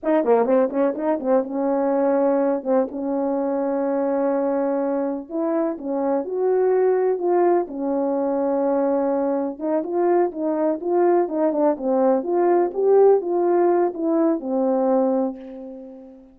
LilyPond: \new Staff \with { instrumentName = "horn" } { \time 4/4 \tempo 4 = 125 dis'8 ais8 c'8 cis'8 dis'8 c'8 cis'4~ | cis'4. c'8 cis'2~ | cis'2. e'4 | cis'4 fis'2 f'4 |
cis'1 | dis'8 f'4 dis'4 f'4 dis'8 | d'8 c'4 f'4 g'4 f'8~ | f'4 e'4 c'2 | }